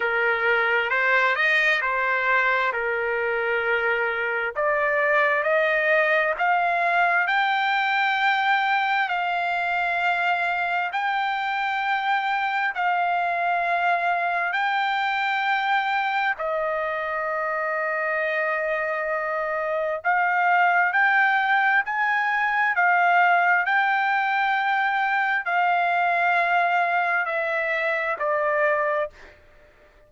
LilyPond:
\new Staff \with { instrumentName = "trumpet" } { \time 4/4 \tempo 4 = 66 ais'4 c''8 dis''8 c''4 ais'4~ | ais'4 d''4 dis''4 f''4 | g''2 f''2 | g''2 f''2 |
g''2 dis''2~ | dis''2 f''4 g''4 | gis''4 f''4 g''2 | f''2 e''4 d''4 | }